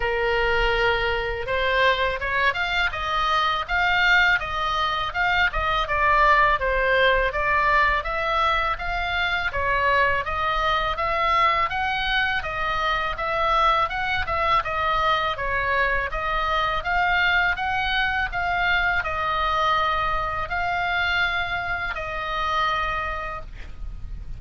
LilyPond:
\new Staff \with { instrumentName = "oboe" } { \time 4/4 \tempo 4 = 82 ais'2 c''4 cis''8 f''8 | dis''4 f''4 dis''4 f''8 dis''8 | d''4 c''4 d''4 e''4 | f''4 cis''4 dis''4 e''4 |
fis''4 dis''4 e''4 fis''8 e''8 | dis''4 cis''4 dis''4 f''4 | fis''4 f''4 dis''2 | f''2 dis''2 | }